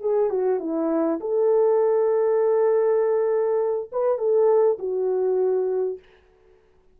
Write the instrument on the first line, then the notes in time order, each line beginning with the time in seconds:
horn
0.00 G#4
0.30 F#4
0.59 E4
1.20 A4
3.92 B4
4.18 A4
4.78 F#4